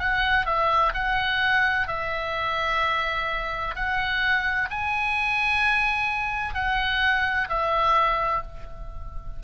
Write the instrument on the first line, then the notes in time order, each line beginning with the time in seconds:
oboe
0.00 F#5
0.46 E5
0.94 F#5
1.88 E5
3.75 F#5
4.71 G#5
6.55 F#5
7.49 E5